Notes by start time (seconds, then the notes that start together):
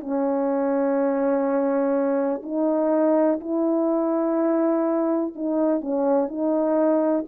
0.00 C#4
2.43 D#4
3.40 E4
5.35 D#4
5.81 C#4
6.28 D#4